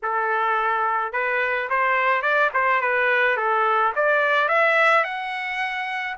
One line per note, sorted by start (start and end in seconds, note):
0.02 1.12 A4
1.12 1.68 B4
1.69 2.21 C5
2.21 2.50 D5
2.53 2.81 C5
2.81 3.36 B4
3.36 3.92 A4
3.95 4.48 D5
4.48 5.03 E5
5.03 6.16 F#5